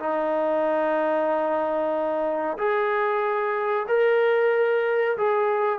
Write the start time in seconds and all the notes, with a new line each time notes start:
0.00 D#4
2.58 G#4
3.88 A#4
5.18 G#4